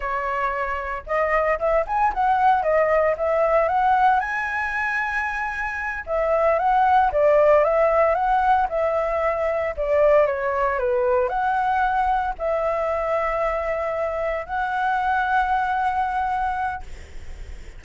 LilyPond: \new Staff \with { instrumentName = "flute" } { \time 4/4 \tempo 4 = 114 cis''2 dis''4 e''8 gis''8 | fis''4 dis''4 e''4 fis''4 | gis''2.~ gis''8 e''8~ | e''8 fis''4 d''4 e''4 fis''8~ |
fis''8 e''2 d''4 cis''8~ | cis''8 b'4 fis''2 e''8~ | e''2.~ e''8 fis''8~ | fis''1 | }